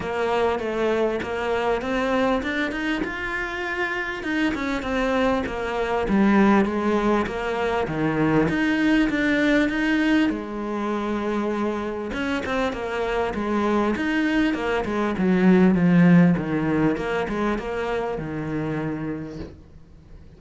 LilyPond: \new Staff \with { instrumentName = "cello" } { \time 4/4 \tempo 4 = 99 ais4 a4 ais4 c'4 | d'8 dis'8 f'2 dis'8 cis'8 | c'4 ais4 g4 gis4 | ais4 dis4 dis'4 d'4 |
dis'4 gis2. | cis'8 c'8 ais4 gis4 dis'4 | ais8 gis8 fis4 f4 dis4 | ais8 gis8 ais4 dis2 | }